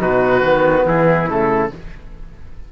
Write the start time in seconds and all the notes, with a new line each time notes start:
0.00 B2 D#4 F#4 B4
0.43 D#3 B3
0.86 E3 E4 G#4
1.29 C#3 A3 A4